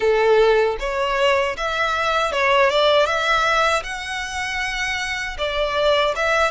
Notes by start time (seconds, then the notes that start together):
0.00 A4
0.79 C#5
1.57 E5
2.31 C#5
2.70 D5
3.06 E5
3.83 F#5
5.38 D5
6.15 E5